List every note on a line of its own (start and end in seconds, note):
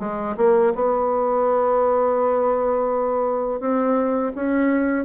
0.00 0.36 G#3
0.37 0.74 A#3
0.75 3.60 B3
3.60 4.33 C4
4.36 5.05 C#4